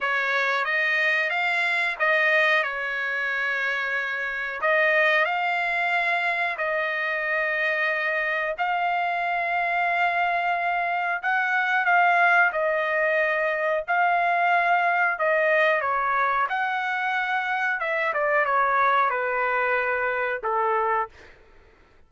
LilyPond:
\new Staff \with { instrumentName = "trumpet" } { \time 4/4 \tempo 4 = 91 cis''4 dis''4 f''4 dis''4 | cis''2. dis''4 | f''2 dis''2~ | dis''4 f''2.~ |
f''4 fis''4 f''4 dis''4~ | dis''4 f''2 dis''4 | cis''4 fis''2 e''8 d''8 | cis''4 b'2 a'4 | }